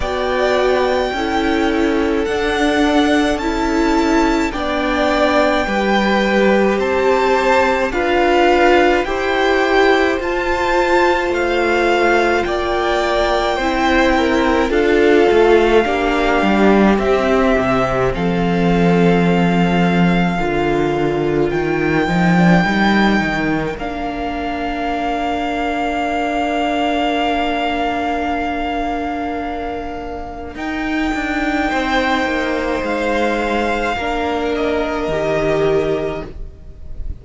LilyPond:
<<
  \new Staff \with { instrumentName = "violin" } { \time 4/4 \tempo 4 = 53 g''2 fis''4 a''4 | g''2 a''4 f''4 | g''4 a''4 f''4 g''4~ | g''4 f''2 e''4 |
f''2. g''4~ | g''4 f''2.~ | f''2. g''4~ | g''4 f''4. dis''4. | }
  \new Staff \with { instrumentName = "violin" } { \time 4/4 d''4 a'2. | d''4 b'4 c''4 b'4 | c''2. d''4 | c''8 ais'8 a'4 g'2 |
a'2 ais'2~ | ais'1~ | ais'1 | c''2 ais'2 | }
  \new Staff \with { instrumentName = "viola" } { \time 4/4 fis'4 e'4 d'4 e'4 | d'4 g'2 f'4 | g'4 f'2. | e'4 f'4 d'4 c'4~ |
c'2 f'4. dis'16 d'16 | dis'4 d'2.~ | d'2. dis'4~ | dis'2 d'4 g'4 | }
  \new Staff \with { instrumentName = "cello" } { \time 4/4 b4 cis'4 d'4 cis'4 | b4 g4 c'4 d'4 | e'4 f'4 a4 ais4 | c'4 d'8 a8 ais8 g8 c'8 c8 |
f2 d4 dis8 f8 | g8 dis8 ais2.~ | ais2. dis'8 d'8 | c'8 ais8 gis4 ais4 dis4 | }
>>